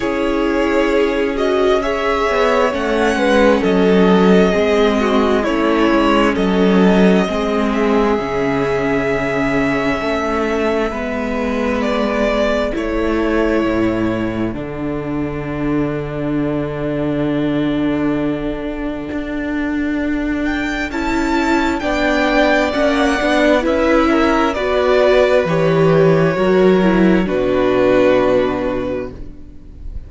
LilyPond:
<<
  \new Staff \with { instrumentName = "violin" } { \time 4/4 \tempo 4 = 66 cis''4. dis''8 e''4 fis''4 | dis''2 cis''4 dis''4~ | dis''8 e''2.~ e''8~ | e''4 d''4 cis''2 |
fis''1~ | fis''2~ fis''8 g''8 a''4 | g''4 fis''4 e''4 d''4 | cis''2 b'2 | }
  \new Staff \with { instrumentName = "violin" } { \time 4/4 gis'2 cis''4. b'8 | a'4 gis'8 fis'8 e'4 a'4 | gis'2. a'4 | b'2 a'2~ |
a'1~ | a'1 | d''2 b'8 ais'8 b'4~ | b'4 ais'4 fis'2 | }
  \new Staff \with { instrumentName = "viola" } { \time 4/4 e'4. fis'8 gis'4 cis'4~ | cis'4 c'4 cis'2 | c'4 cis'2. | b2 e'2 |
d'1~ | d'2. e'4 | d'4 cis'8 d'8 e'4 fis'4 | g'4 fis'8 e'8 d'2 | }
  \new Staff \with { instrumentName = "cello" } { \time 4/4 cis'2~ cis'8 b8 a8 gis8 | fis4 gis4 a8 gis8 fis4 | gis4 cis2 a4 | gis2 a4 a,4 |
d1~ | d4 d'2 cis'4 | b4 ais8 b8 cis'4 b4 | e4 fis4 b,2 | }
>>